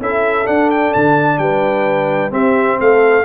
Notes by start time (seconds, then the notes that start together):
0.00 C#4 E4 A4 E5
0.44 D4 F#5
0.71 G5
0.94 D3 A5
1.38 G3 B4 G5
2.30 C4 G4 E5
2.79 A3 A4 F5